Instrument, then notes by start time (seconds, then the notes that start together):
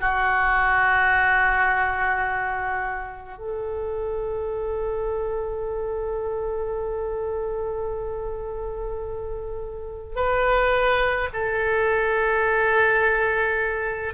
oboe
0.00 F#4
3.38 A4
10.15 B4
11.33 A4